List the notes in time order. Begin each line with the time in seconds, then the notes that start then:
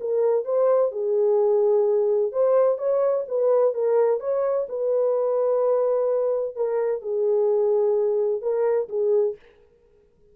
0.00 A#4
0.45 C5
0.91 G#4
2.32 C5
2.78 C#5
3.27 B4
3.74 A#4
4.20 C#5
4.68 B4
6.55 A#4
7.01 G#4
8.41 A#4
8.88 G#4